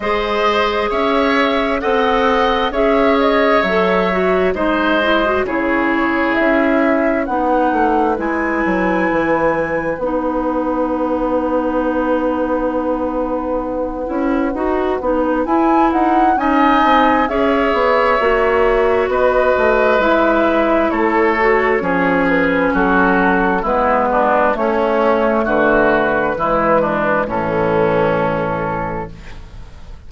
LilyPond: <<
  \new Staff \with { instrumentName = "flute" } { \time 4/4 \tempo 4 = 66 dis''4 e''4 fis''4 e''8 dis''8 | e''4 dis''4 cis''4 e''4 | fis''4 gis''2 fis''4~ | fis''1~ |
fis''4 gis''8 fis''8 gis''4 e''4~ | e''4 dis''4 e''4 cis''4~ | cis''8 b'8 a'4 b'4 cis''4 | b'2 a'2 | }
  \new Staff \with { instrumentName = "oboe" } { \time 4/4 c''4 cis''4 dis''4 cis''4~ | cis''4 c''4 gis'2 | b'1~ | b'1~ |
b'2 dis''4 cis''4~ | cis''4 b'2 a'4 | gis'4 fis'4 e'8 d'8 cis'4 | fis'4 e'8 d'8 cis'2 | }
  \new Staff \with { instrumentName = "clarinet" } { \time 4/4 gis'2 a'4 gis'4 | a'8 fis'8 dis'8 e'16 fis'16 e'2 | dis'4 e'2 dis'4~ | dis'2.~ dis'8 e'8 |
fis'8 dis'8 e'4 dis'4 gis'4 | fis'2 e'4. fis'8 | cis'2 b4 a4~ | a4 gis4 e2 | }
  \new Staff \with { instrumentName = "bassoon" } { \time 4/4 gis4 cis'4 c'4 cis'4 | fis4 gis4 cis4 cis'4 | b8 a8 gis8 fis8 e4 b4~ | b2.~ b8 cis'8 |
dis'8 b8 e'8 dis'8 cis'8 c'8 cis'8 b8 | ais4 b8 a8 gis4 a4 | f4 fis4 gis4 a4 | d4 e4 a,2 | }
>>